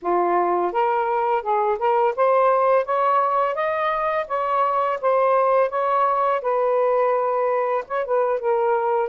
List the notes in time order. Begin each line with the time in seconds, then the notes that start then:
0.02 F4
0.72 A#4
1.42 G#4
1.79 A#4
2.16 C5
2.85 C#5
3.54 D#5
4.27 C#5
5.01 C5
5.69 C#5
6.41 B4
7.87 C#5
8.05 B4
8.39 A#4